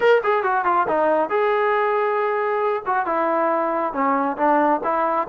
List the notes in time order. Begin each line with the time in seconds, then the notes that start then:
0.00 A#4
0.23 G#4
0.43 F#4
0.64 F4
0.88 D#4
1.29 G#4
2.86 F#4
3.06 E4
3.93 C#4
4.37 D4
4.83 E4